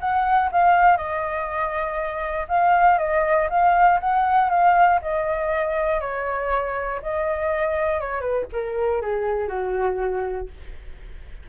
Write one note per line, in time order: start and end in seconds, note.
0.00 0.50 F#5
0.52 0.97 F5
0.97 2.47 D#5
2.48 2.98 F5
2.98 3.48 D#5
3.49 3.99 F5
4.00 4.49 F#5
4.49 4.99 F5
5.02 6.00 D#5
6.00 7.00 C#5
7.02 8.00 D#5
8.00 8.20 C#5
8.20 8.45 B4
8.52 9.01 A#4
9.01 9.48 G#4
9.48 10.48 F#4